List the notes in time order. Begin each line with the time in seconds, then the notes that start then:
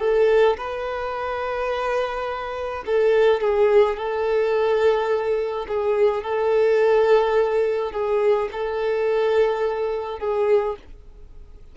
0.00 A4
0.57 B4
2.86 A4
3.41 G#4
3.96 A4
5.68 G#4
6.23 A4
7.92 G#4
8.52 A4
10.19 G#4